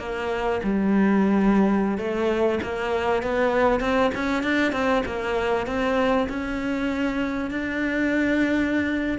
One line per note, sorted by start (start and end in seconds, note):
0.00 0.61 A#3
0.64 1.98 G3
1.98 2.59 A3
2.64 3.23 A#3
3.23 3.81 B3
3.81 4.11 C4
4.15 4.44 C#4
4.44 4.73 D4
4.73 5.03 C4
5.06 5.67 A#3
5.67 6.28 C4
6.29 7.51 C#4
7.51 9.19 D4